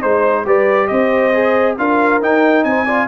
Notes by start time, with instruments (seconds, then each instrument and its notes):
0.00 tuba G#3, trombone D#4, horn C5, trumpet C5
0.45 tuba G3, trombone G4, horn B4, trumpet D5
0.87 tuba C4, horn C5, trumpet D#5
1.33 trombone G#4
1.78 tuba D4, trombone F4, horn A#4, trumpet F5
2.21 tuba D#4, trombone D#4, trumpet G5
2.64 tuba C4, horn C5, trumpet G#5
2.85 trombone F4, horn D5